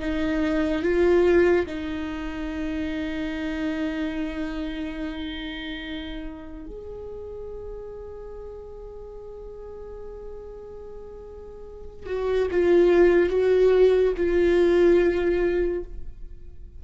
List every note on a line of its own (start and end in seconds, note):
0.00 0.83 D#4
0.83 1.66 F4
1.67 6.67 D#4
6.67 12.06 G#4
12.06 12.48 F#4
12.51 13.30 F4
13.30 14.13 F#4
14.17 15.84 F4